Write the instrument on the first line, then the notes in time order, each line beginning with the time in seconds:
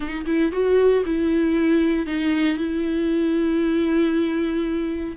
viola
0.00 D#4
0.26 E4
0.52 F#4
1.05 E4
2.06 D#4
2.57 E4